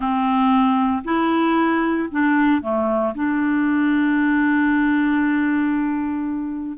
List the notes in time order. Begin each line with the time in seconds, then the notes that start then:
0.00 C4
1.04 E4
2.11 D4
2.61 A3
3.14 D4